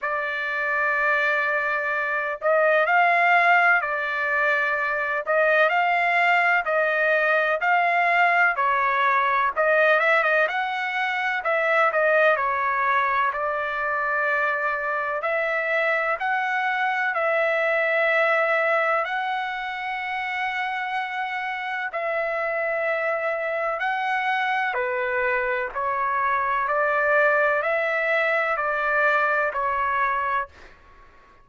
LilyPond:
\new Staff \with { instrumentName = "trumpet" } { \time 4/4 \tempo 4 = 63 d''2~ d''8 dis''8 f''4 | d''4. dis''8 f''4 dis''4 | f''4 cis''4 dis''8 e''16 dis''16 fis''4 | e''8 dis''8 cis''4 d''2 |
e''4 fis''4 e''2 | fis''2. e''4~ | e''4 fis''4 b'4 cis''4 | d''4 e''4 d''4 cis''4 | }